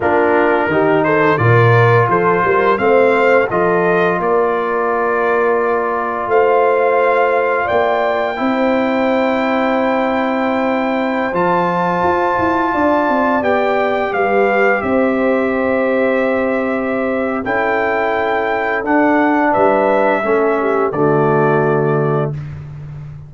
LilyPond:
<<
  \new Staff \with { instrumentName = "trumpet" } { \time 4/4 \tempo 4 = 86 ais'4. c''8 d''4 c''4 | f''4 dis''4 d''2~ | d''4 f''2 g''4~ | g''1~ |
g''16 a''2. g''8.~ | g''16 f''4 e''2~ e''8.~ | e''4 g''2 fis''4 | e''2 d''2 | }
  \new Staff \with { instrumentName = "horn" } { \time 4/4 f'4 g'8 a'8 ais'4 a'8 ais'8 | c''4 a'4 ais'2~ | ais'4 c''2 d''4 | c''1~ |
c''2~ c''16 d''4.~ d''16~ | d''16 b'4 c''2~ c''8.~ | c''4 a'2. | b'4 a'8 g'8 fis'2 | }
  \new Staff \with { instrumentName = "trombone" } { \time 4/4 d'4 dis'4 f'2 | c'4 f'2.~ | f'1 | e'1~ |
e'16 f'2. g'8.~ | g'1~ | g'4 e'2 d'4~ | d'4 cis'4 a2 | }
  \new Staff \with { instrumentName = "tuba" } { \time 4/4 ais4 dis4 ais,4 f8 g8 | a4 f4 ais2~ | ais4 a2 ais4 | c'1~ |
c'16 f4 f'8 e'8 d'8 c'8 b8.~ | b16 g4 c'2~ c'8.~ | c'4 cis'2 d'4 | g4 a4 d2 | }
>>